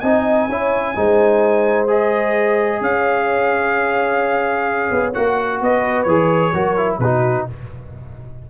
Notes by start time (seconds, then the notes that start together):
0.00 C4 D#4 D#5 G#5
0.48 C#4 E4 C#5
0.94 G#3 D#4 C5
1.87 G#4 D#5
2.81 C#4 C#5 F5
4.91 B3
5.13 A#3 F#4 F#5
5.59 B3 B4 D#5
6.03 E3 G#4 C#5
6.53 F#3 F#4 A#4
6.76 E4
6.98 B2 D#4 F#4 B4